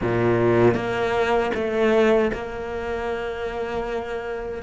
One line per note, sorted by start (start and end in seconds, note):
0.01 0.74 A#2
0.74 1.51 A#3
1.54 2.31 A3
2.33 4.62 A#3